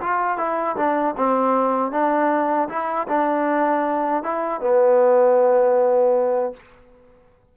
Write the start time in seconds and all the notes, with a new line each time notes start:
0.00 F4
0.37 E4
0.76 D4
1.17 C4
1.91 D4
2.69 E4
3.08 D4
4.23 E4
4.60 B3